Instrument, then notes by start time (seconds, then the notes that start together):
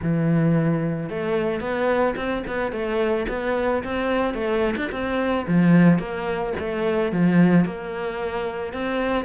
cello
0.02 E3
1.09 A3
1.60 B3
2.15 C4
2.47 B3
2.71 A3
3.28 B3
3.83 C4
4.34 A3
4.76 D4
4.91 C4
5.47 F3
5.99 A#3
6.59 A3
7.12 F3
7.65 A#3
8.73 C4